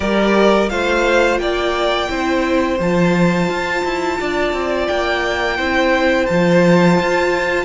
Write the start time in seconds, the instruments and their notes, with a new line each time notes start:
0.00 cello G3, viola G4, violin A#4 D5
0.69 cello A3, viola F4, violin C5 F5
1.38 cello A#3, violin D5 G5
2.08 cello C4, viola E4, violin C5
2.79 cello F3, viola F4, violin A5
3.48 cello F4
3.84 cello E4
4.20 cello D4, violin D5
4.52 cello C4
4.87 cello A#3, violin G5
5.56 cello C4, viola E4, violin C5
6.26 cello F3, viola F4, violin A5
7.00 cello F4